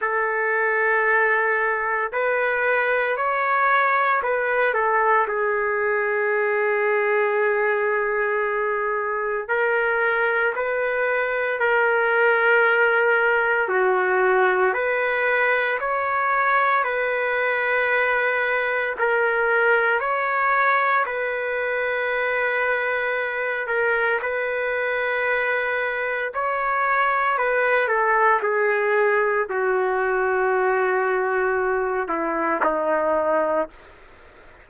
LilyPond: \new Staff \with { instrumentName = "trumpet" } { \time 4/4 \tempo 4 = 57 a'2 b'4 cis''4 | b'8 a'8 gis'2.~ | gis'4 ais'4 b'4 ais'4~ | ais'4 fis'4 b'4 cis''4 |
b'2 ais'4 cis''4 | b'2~ b'8 ais'8 b'4~ | b'4 cis''4 b'8 a'8 gis'4 | fis'2~ fis'8 e'8 dis'4 | }